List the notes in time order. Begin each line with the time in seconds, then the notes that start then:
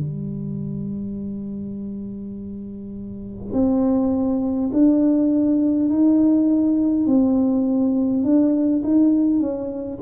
0.00 G3
3.53 C4
4.73 D4
5.89 D#4
7.06 C4
8.24 D4
8.83 D#4
9.40 C#4